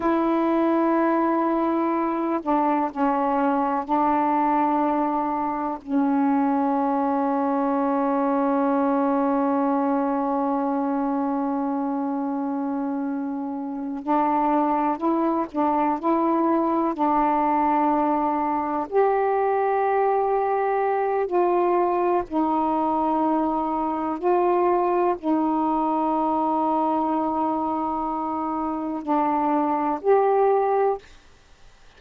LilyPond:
\new Staff \with { instrumentName = "saxophone" } { \time 4/4 \tempo 4 = 62 e'2~ e'8 d'8 cis'4 | d'2 cis'2~ | cis'1~ | cis'2~ cis'8 d'4 e'8 |
d'8 e'4 d'2 g'8~ | g'2 f'4 dis'4~ | dis'4 f'4 dis'2~ | dis'2 d'4 g'4 | }